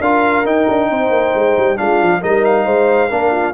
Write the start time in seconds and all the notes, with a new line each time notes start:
0.00 D4 F4 A#4 F5
0.45 D#4 G5
0.69 D4
0.90 C4 C5
1.11 A#3
1.35 G#3
1.57 G3
1.77 G#3 D4 F4 F5
2.02 F3
2.22 G3 D#4 A#4 D#5
2.45 F5
2.66 G#3 C5
3.10 A#3 D4 A#4
3.32 F4